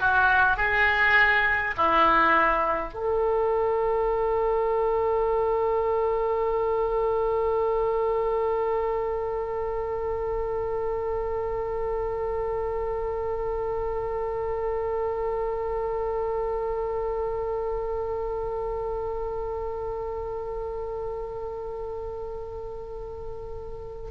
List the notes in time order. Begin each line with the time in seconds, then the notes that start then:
0.00 F#4
0.57 G#4
1.78 E4
2.94 A4